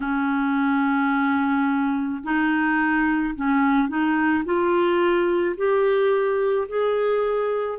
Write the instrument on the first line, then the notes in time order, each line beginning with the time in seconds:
clarinet
0.00 C#4
2.23 D#4
3.35 C#4
3.88 D#4
4.44 F4
5.56 G4
6.68 G#4